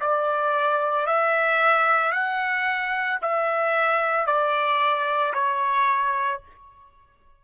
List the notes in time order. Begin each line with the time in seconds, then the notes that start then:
0.00 D5
1.06 E5
2.12 F#5
3.21 E5
4.26 D5
5.33 C#5